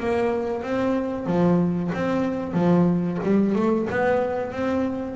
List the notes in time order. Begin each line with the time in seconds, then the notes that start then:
0.00 A#3
0.63 C4
1.27 F3
1.94 C4
2.54 F3
3.24 G3
3.56 A3
3.90 B3
4.52 C4